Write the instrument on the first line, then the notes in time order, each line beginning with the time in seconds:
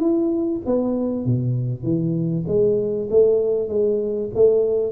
tuba
0.00 E4
0.66 B3
1.26 B2
1.83 E3
2.47 G#3
3.10 A3
3.69 G#3
4.35 A3